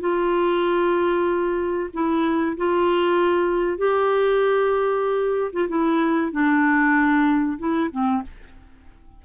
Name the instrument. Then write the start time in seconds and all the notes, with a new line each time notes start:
clarinet
0.00 F4
1.93 E4
2.57 F4
3.78 G4
5.52 F4
5.68 E4
6.32 D4
7.58 E4
7.91 C4